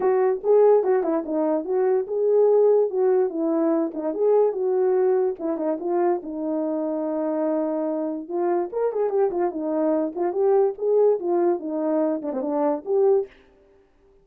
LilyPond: \new Staff \with { instrumentName = "horn" } { \time 4/4 \tempo 4 = 145 fis'4 gis'4 fis'8 e'8 dis'4 | fis'4 gis'2 fis'4 | e'4. dis'8 gis'4 fis'4~ | fis'4 e'8 dis'8 f'4 dis'4~ |
dis'1 | f'4 ais'8 gis'8 g'8 f'8 dis'4~ | dis'8 f'8 g'4 gis'4 f'4 | dis'4. d'16 c'16 d'4 g'4 | }